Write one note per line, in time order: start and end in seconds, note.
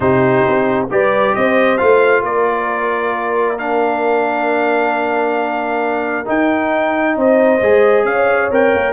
0.00 0.45 C3
0.00 0.87 D#4
0.00 0.91 G4
0.00 0.87 C5
0.47 0.90 C4
0.90 1.35 G3
0.90 1.78 G4
0.90 1.37 B4
0.90 1.34 D5
1.34 1.81 C4
1.34 2.24 C5
1.34 1.77 D#5
1.77 2.22 A3
1.77 3.57 F4
1.77 2.22 F5
2.22 6.25 A#3
2.22 7.16 A#4
2.22 3.58 D5
3.58 6.25 D4
3.58 6.27 F5
6.25 7.59 D#4
6.25 7.16 D#4
6.25 7.18 G5
7.16 7.61 C4
7.16 8.06 C5
7.16 8.05 D#5
7.61 8.04 G#3
7.61 8.51 G#4
8.04 8.49 C#4
8.04 8.92 C#5
8.04 8.50 F5
8.51 8.73 C4
8.51 8.92 A#4
8.51 8.92 G5
8.74 8.92 A#3